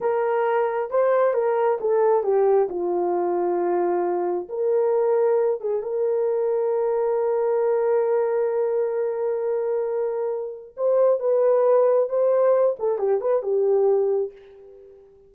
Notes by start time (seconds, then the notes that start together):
0.00 A#4
0.90 C5
1.33 A#4
1.80 A4
2.23 G4
2.69 F4
4.49 A#4
5.61 G#4
5.82 A#4
10.76 C5
11.19 B4
12.09 C5
12.79 A4
12.98 G4
13.20 B4
13.42 G4